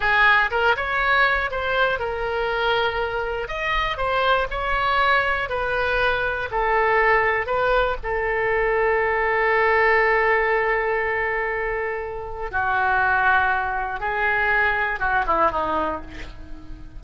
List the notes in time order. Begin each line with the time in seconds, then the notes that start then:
0.00 G#4
0.50 A#4
0.76 C#5
1.50 C5
1.99 A#4
3.48 D#5
3.97 C5
4.50 C#5
5.49 B4
6.51 A4
7.46 B4
8.03 A4
12.51 F#4
14.00 G#4
14.99 F#4
15.26 E4
15.51 D#4